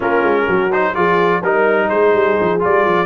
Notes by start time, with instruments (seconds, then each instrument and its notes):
0.00 tuba A#3, trombone C#4, horn F4, trumpet A#4
0.22 tuba G#3
0.46 tuba F#3, horn F#4
0.72 trombone D#4, trumpet C5
0.94 tuba F3, trombone F4, horn G#4, trumpet D5
1.42 tuba G3, trombone D#4, horn A#4, trumpet A#4
1.89 tuba G#3, horn G#4, trumpet C5
2.13 tuba G3
2.41 tuba F3
2.59 tuba G3, trombone F4, trumpet D5
2.85 tuba F3